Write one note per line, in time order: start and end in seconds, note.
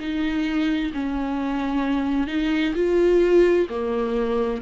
0.00 0.92 D#4
0.94 2.27 C#4
2.27 2.74 D#4
2.75 3.68 F4
3.70 4.62 A#3